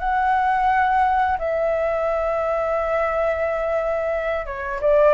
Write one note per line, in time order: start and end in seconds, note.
0.00 1.38 F#5
1.39 4.46 E5
4.46 4.81 C#5
4.82 5.14 D5